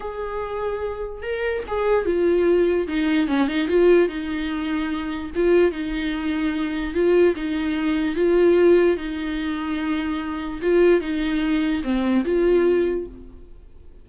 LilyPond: \new Staff \with { instrumentName = "viola" } { \time 4/4 \tempo 4 = 147 gis'2. ais'4 | gis'4 f'2 dis'4 | cis'8 dis'8 f'4 dis'2~ | dis'4 f'4 dis'2~ |
dis'4 f'4 dis'2 | f'2 dis'2~ | dis'2 f'4 dis'4~ | dis'4 c'4 f'2 | }